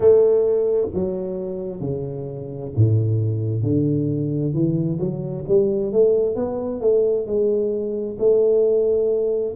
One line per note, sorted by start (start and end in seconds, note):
0.00 0.87 A3
0.94 1.80 F#3
1.80 2.71 C#3
2.76 3.62 A2
3.62 4.53 D3
4.53 4.98 E3
4.99 5.44 F#3
5.48 5.92 G3
5.92 6.35 A3
6.35 6.81 B3
6.81 7.26 A3
7.26 8.17 G#3
8.18 9.55 A3